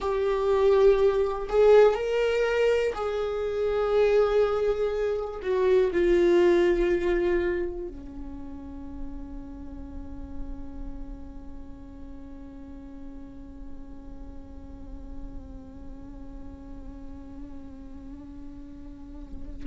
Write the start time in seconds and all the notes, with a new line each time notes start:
0.00 G4
1.49 G#4
1.94 A#4
2.94 G#4
5.41 F#4
5.92 F4
7.87 C#4